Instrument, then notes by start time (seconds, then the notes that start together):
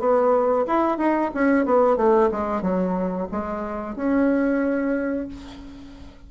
bassoon
0.00 B3
0.67 E4
0.98 D#4
1.35 C#4
1.66 B3
1.97 A3
2.32 G#3
2.62 F#3
3.32 G#3
3.96 C#4